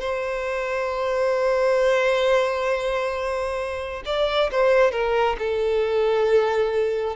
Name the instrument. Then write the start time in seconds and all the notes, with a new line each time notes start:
violin
0.00 C5
4.05 D5
4.51 C5
4.91 A#4
5.39 A4